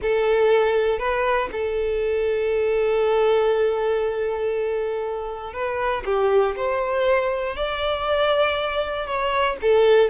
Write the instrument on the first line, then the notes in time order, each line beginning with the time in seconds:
violin
0.01 A4
0.98 B4
1.52 A4
5.53 B4
6.05 G4
6.55 C5
7.56 D5
9.06 C#5
9.61 A4